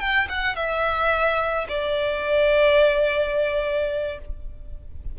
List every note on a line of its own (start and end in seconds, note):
0.00 0.28 G5
0.29 0.56 F#5
0.56 1.67 E5
1.69 4.19 D5